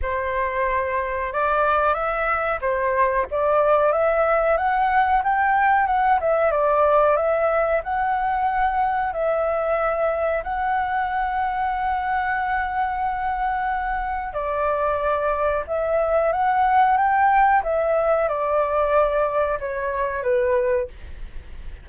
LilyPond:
\new Staff \with { instrumentName = "flute" } { \time 4/4 \tempo 4 = 92 c''2 d''4 e''4 | c''4 d''4 e''4 fis''4 | g''4 fis''8 e''8 d''4 e''4 | fis''2 e''2 |
fis''1~ | fis''2 d''2 | e''4 fis''4 g''4 e''4 | d''2 cis''4 b'4 | }